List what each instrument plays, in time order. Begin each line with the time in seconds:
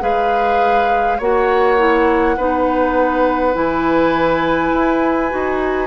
0.00 bassoon G#3, clarinet G#4, oboe B4, flute F5
1.18 bassoon A#3, clarinet F#4, oboe C#5, flute F#5
1.78 clarinet E4
2.36 bassoon B3, clarinet D#4, oboe B4
3.53 bassoon E3, clarinet E4, flute G#5
4.73 bassoon E4
5.29 bassoon D#4, clarinet F#4